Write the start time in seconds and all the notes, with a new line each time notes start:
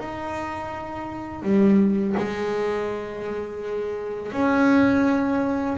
0.00 D#4
1.43 G3
2.18 G#3
4.32 C#4